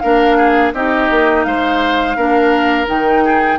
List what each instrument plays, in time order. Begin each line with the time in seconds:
0.00 bassoon A#3, clarinet D4, oboe A#4, flute F5
0.37 oboe G#4
0.74 bassoon C4, clarinet D#4, oboe G4, flute D#5
1.10 bassoon A#3
1.44 bassoon G#3, oboe C5, flute F5
2.17 bassoon A#3, clarinet D4, oboe A#4
2.87 bassoon D#3, clarinet D#4, flute G5
3.25 oboe G#4